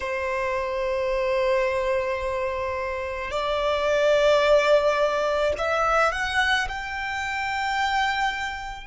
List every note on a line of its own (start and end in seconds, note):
0.00 3.30 C5
3.30 5.53 D5
5.58 6.12 E5
6.12 6.67 F#5
6.68 8.86 G5